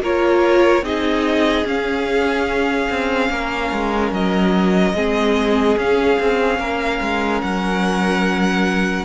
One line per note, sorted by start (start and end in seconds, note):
0.00 0.82 A#3
0.00 0.83 F4
0.00 0.84 A#4
0.00 0.85 C#5
0.82 1.64 C4
0.82 1.66 D#4
0.82 3.30 G#4
0.82 1.67 D#5
1.65 2.88 C#4
1.65 4.95 C#4
1.65 4.13 F5
2.90 3.29 C4
3.29 3.71 A#3
3.29 4.96 A#4
3.72 4.11 G#3
4.11 4.93 F#3
4.11 5.78 D#5
4.94 5.76 G#3
4.94 5.78 C4
4.94 6.60 G#4
5.77 6.18 C#4
5.77 9.05 C#4
5.77 7.42 F5
6.20 6.59 C4
6.59 7.00 A#3
6.59 9.05 A#4
7.01 7.42 G#3
7.42 9.05 F#3
7.42 9.05 F#5